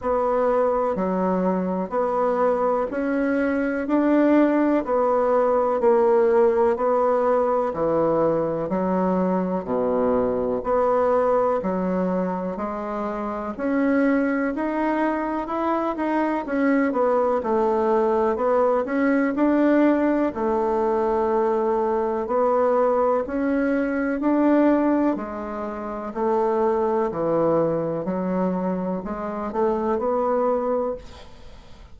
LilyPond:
\new Staff \with { instrumentName = "bassoon" } { \time 4/4 \tempo 4 = 62 b4 fis4 b4 cis'4 | d'4 b4 ais4 b4 | e4 fis4 b,4 b4 | fis4 gis4 cis'4 dis'4 |
e'8 dis'8 cis'8 b8 a4 b8 cis'8 | d'4 a2 b4 | cis'4 d'4 gis4 a4 | e4 fis4 gis8 a8 b4 | }